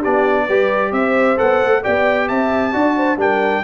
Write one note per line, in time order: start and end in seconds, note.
0.00 0.49 B3
0.00 0.49 D4
0.00 0.45 G4
0.00 0.93 D5
0.47 0.92 G3
0.47 1.37 G4
0.47 0.93 B4
0.92 1.37 C4
0.92 1.84 C5
0.92 1.38 E5
1.37 1.62 B3
1.37 1.82 A4
1.37 1.84 F#5
1.62 1.85 A3
1.83 2.30 B3
1.83 2.72 G4
1.83 2.29 D5
1.83 2.28 G5
2.28 2.74 C4
2.28 2.73 E5
2.28 3.19 A5
2.72 3.17 D4
2.72 3.17 F#4
2.72 2.96 D5
2.97 3.19 C5
3.17 3.62 G3
3.17 3.64 D4
3.17 3.64 A#4
3.17 3.64 G5